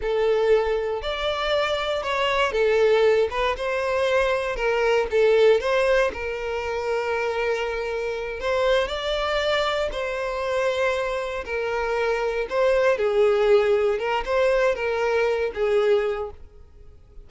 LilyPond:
\new Staff \with { instrumentName = "violin" } { \time 4/4 \tempo 4 = 118 a'2 d''2 | cis''4 a'4. b'8 c''4~ | c''4 ais'4 a'4 c''4 | ais'1~ |
ais'8 c''4 d''2 c''8~ | c''2~ c''8 ais'4.~ | ais'8 c''4 gis'2 ais'8 | c''4 ais'4. gis'4. | }